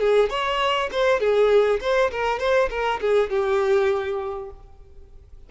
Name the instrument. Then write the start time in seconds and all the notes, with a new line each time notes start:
violin
0.00 G#4
0.29 C#5
0.91 C5
1.20 G#4
1.81 C5
2.11 A#4
2.39 C5
2.70 A#4
3.01 G#4
3.30 G4